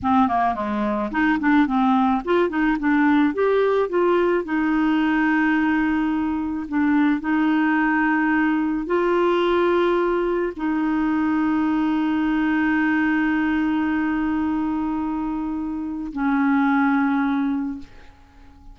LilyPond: \new Staff \with { instrumentName = "clarinet" } { \time 4/4 \tempo 4 = 108 c'8 ais8 gis4 dis'8 d'8 c'4 | f'8 dis'8 d'4 g'4 f'4 | dis'1 | d'4 dis'2. |
f'2. dis'4~ | dis'1~ | dis'1~ | dis'4 cis'2. | }